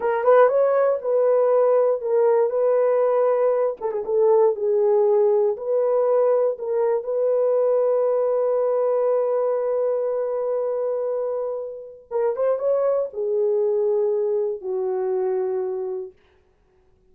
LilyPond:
\new Staff \with { instrumentName = "horn" } { \time 4/4 \tempo 4 = 119 ais'8 b'8 cis''4 b'2 | ais'4 b'2~ b'8 a'16 gis'16 | a'4 gis'2 b'4~ | b'4 ais'4 b'2~ |
b'1~ | b'1 | ais'8 c''8 cis''4 gis'2~ | gis'4 fis'2. | }